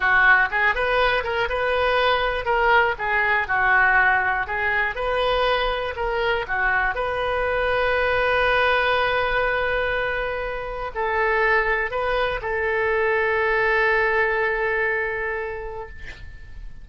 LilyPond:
\new Staff \with { instrumentName = "oboe" } { \time 4/4 \tempo 4 = 121 fis'4 gis'8 b'4 ais'8 b'4~ | b'4 ais'4 gis'4 fis'4~ | fis'4 gis'4 b'2 | ais'4 fis'4 b'2~ |
b'1~ | b'2 a'2 | b'4 a'2.~ | a'1 | }